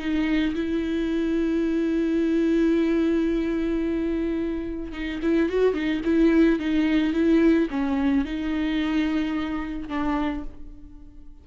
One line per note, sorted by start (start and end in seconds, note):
0.00 0.55 D#4
0.55 4.93 E4
4.93 5.20 D#4
5.23 5.50 E4
5.50 5.74 F#4
5.74 6.02 D#4
6.05 6.60 E4
6.60 7.14 D#4
7.14 7.69 E4
7.71 8.25 C#4
8.25 9.89 D#4
9.89 10.44 D4